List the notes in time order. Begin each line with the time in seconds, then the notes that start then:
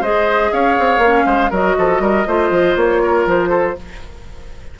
0.00 G#3 G#4 C5 D#5
0.52 C#4 C#5 F5
0.79 C4
0.98 A#3 C#4
1.25 G#3 C5
1.50 F#3 F#4 A#4 D#5
1.78 F3 A4
1.99 G3 A#4
2.26 A3 F4 C5
2.50 F3
2.76 A#3 C#5
3.02 A#4
3.26 F3 C5
3.49 A4